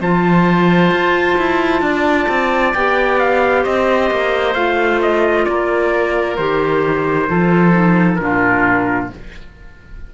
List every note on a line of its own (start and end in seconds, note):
0.00 0.91 F3
0.00 2.75 F4
0.00 1.82 C5
0.00 2.74 A5
0.91 1.37 F4
1.38 1.81 E4
1.81 2.27 D4
1.81 3.62 D5
2.28 2.74 C4
2.74 3.65 B3
2.74 4.55 G4
2.74 3.19 G5
3.19 3.64 F5
3.62 4.10 C4
3.62 5.44 C5
3.62 4.54 D#5
4.10 4.55 A#3
4.54 5.46 A3
4.54 6.37 F4
4.54 4.99 F5
5.02 5.45 D#5
5.45 6.38 A#3
5.45 7.29 A#4
5.45 6.36 D5
6.36 7.29 D#3
6.36 7.28 G4
6.36 8.15 C5
7.28 8.19 F3
7.28 7.71 F4
7.28 8.20 A4
7.71 8.16 D#4
8.15 9.10 A#2
8.15 9.10 D4
8.15 9.06 A#4
8.23 9.13 F4